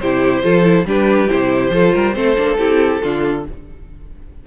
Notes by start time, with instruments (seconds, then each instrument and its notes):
0.00 cello C3, viola E4, violin G4 C5
0.43 cello F3, viola F4, violin A4
0.65 viola E4
0.85 cello G3, viola D4, violin G4 B4
1.29 cello C3, viola E4, violin C5
1.71 cello F3, viola F4, violin A4
1.95 cello G3, violin A#4
2.14 cello A3, viola C4, violin A4 C5
2.37 cello A#3, viola D4
2.59 cello C4, viola E4, violin G4
3.04 cello D3, viola D4, violin F4